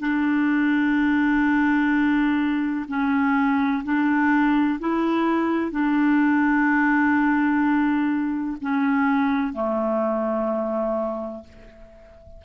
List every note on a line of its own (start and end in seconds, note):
0.00 2.86 D4
2.88 3.83 C#4
3.84 4.79 D4
4.80 5.71 E4
5.71 8.57 D4
8.61 9.53 C#4
9.53 11.44 A3